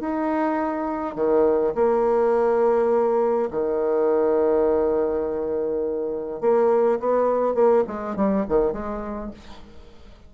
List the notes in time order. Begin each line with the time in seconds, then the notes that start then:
0.00 D#4
1.15 D#3
1.75 A#3
3.51 D#3
6.41 A#3
7.00 B3
7.55 A#3
7.87 G#3
8.16 G3
8.48 D#3
8.73 G#3